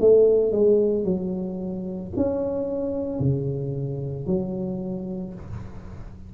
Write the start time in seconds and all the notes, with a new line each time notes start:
0.00 A3
0.52 G#3
1.04 F#3
2.16 C#4
3.19 C#3
4.27 F#3